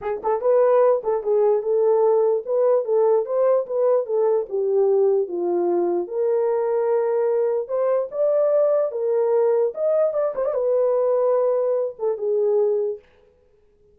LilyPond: \new Staff \with { instrumentName = "horn" } { \time 4/4 \tempo 4 = 148 gis'8 a'8 b'4. a'8 gis'4 | a'2 b'4 a'4 | c''4 b'4 a'4 g'4~ | g'4 f'2 ais'4~ |
ais'2. c''4 | d''2 ais'2 | dis''4 d''8 c''16 d''16 b'2~ | b'4. a'8 gis'2 | }